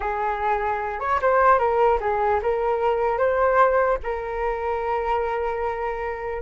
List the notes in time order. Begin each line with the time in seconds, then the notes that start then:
0.00 G#4
1.00 C#5
1.21 C5
1.59 A#4
2.00 G#4
2.42 A#4
3.18 C5
4.03 A#4